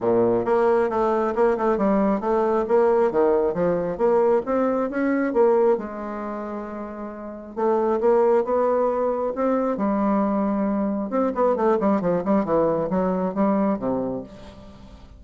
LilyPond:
\new Staff \with { instrumentName = "bassoon" } { \time 4/4 \tempo 4 = 135 ais,4 ais4 a4 ais8 a8 | g4 a4 ais4 dis4 | f4 ais4 c'4 cis'4 | ais4 gis2.~ |
gis4 a4 ais4 b4~ | b4 c'4 g2~ | g4 c'8 b8 a8 g8 f8 g8 | e4 fis4 g4 c4 | }